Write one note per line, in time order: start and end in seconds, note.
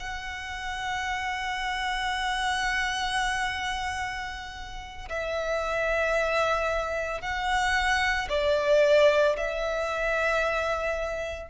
0.00 5.09 F#5
5.09 7.22 E5
7.22 8.29 F#5
8.29 9.37 D5
9.37 11.50 E5